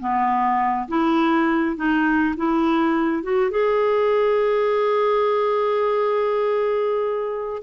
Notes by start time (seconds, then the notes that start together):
0.00 B3
0.89 E4
1.77 D#4
2.37 E4
3.24 F#4
3.51 G#4